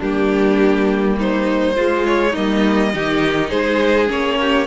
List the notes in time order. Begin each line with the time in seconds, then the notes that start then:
0.00 G3 A#3 D4 G4
1.18 D#4 C5
1.75 G#3 F4
2.06 C#5
2.32 G3 A#3 D#4 D#5
2.94 D#3 D#4 G4
3.50 G#3 G#4 C5
4.07 A#3 C#4 C#5
4.41 G4